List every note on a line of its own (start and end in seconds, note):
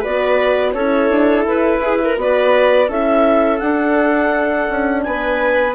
0.00 0.74 B3
0.00 0.76 F#4
0.00 0.71 B4
0.00 0.72 D5
0.72 1.10 C#4
0.72 2.16 E4
0.72 1.81 A4
0.72 1.44 C#5
1.10 1.46 D4
1.47 2.17 E4
1.47 2.19 B4
1.82 2.00 G#4
2.04 2.22 A#4
2.16 2.89 B3
2.16 2.87 F#4
2.16 2.88 B4
2.16 2.91 D5
2.88 3.60 C#4
2.88 3.60 E4
2.88 5.02 A4
2.88 3.59 E5
3.59 4.68 D4
3.59 5.75 D4
3.59 5.01 F#5
4.69 5.05 C#4
5.02 5.75 B3
5.02 5.75 B4
5.02 5.74 G#5